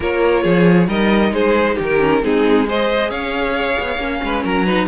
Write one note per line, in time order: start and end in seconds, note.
0.00 0.44 A#3
0.00 0.88 F4
0.00 0.42 A#4
0.00 0.89 C#5
0.42 0.88 F3
0.42 0.87 G#4
0.88 1.31 G3
0.88 1.99 D#4
0.88 1.32 A#4
0.88 1.33 D#5
1.31 1.76 G#3
1.31 1.75 G#4
1.31 1.77 C5
1.75 2.22 D#3
1.75 2.19 G4
1.83 2.24 A#4
1.99 2.21 C#4
2.22 3.10 G#3
2.22 2.67 C4
2.22 2.67 D#4
2.22 2.68 G#4
2.67 3.99 G#4
2.67 3.10 C5
2.67 3.10 D#5
3.10 3.76 C#4
3.10 4.21 C#5
3.10 4.43 F5
3.79 3.97 B3
3.97 4.20 A#3
3.97 4.66 C#4
4.23 4.44 G#3
4.23 4.43 B4
4.43 4.87 F#3
4.43 4.65 A#4
4.43 4.87 A#5
4.65 4.87 D#4
4.65 4.87 B4